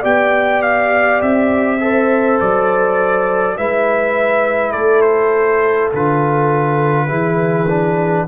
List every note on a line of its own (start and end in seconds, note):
0.00 1.21 B3
0.00 1.79 G4
0.00 1.76 D5
0.00 0.62 G5
0.62 1.21 F5
1.21 2.39 C4
1.21 2.39 E5
1.79 3.56 A4
1.79 3.57 C5
2.40 3.58 F#3
2.40 3.57 D5
3.57 4.75 G#3
3.57 5.92 E4
3.57 4.71 B4
3.57 4.72 E5
4.71 5.92 A3
4.71 7.07 A4
4.71 5.01 D5
5.01 5.89 C5
5.93 7.10 D3
5.93 7.08 F4
5.93 8.27 B4
7.08 8.27 E3
7.08 7.66 E4
7.08 8.25 G#4
7.68 8.27 D4